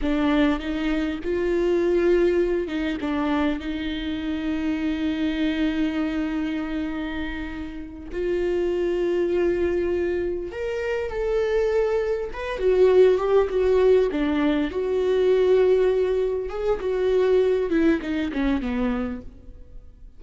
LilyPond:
\new Staff \with { instrumentName = "viola" } { \time 4/4 \tempo 4 = 100 d'4 dis'4 f'2~ | f'8 dis'8 d'4 dis'2~ | dis'1~ | dis'4. f'2~ f'8~ |
f'4. ais'4 a'4.~ | a'8 b'8 fis'4 g'8 fis'4 d'8~ | d'8 fis'2. gis'8 | fis'4. e'8 dis'8 cis'8 b4 | }